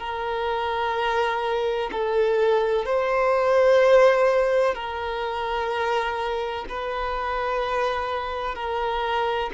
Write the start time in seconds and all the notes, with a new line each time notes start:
0.00 A#4
1.92 A4
2.86 C5
4.75 A#4
6.70 B4
8.55 A#4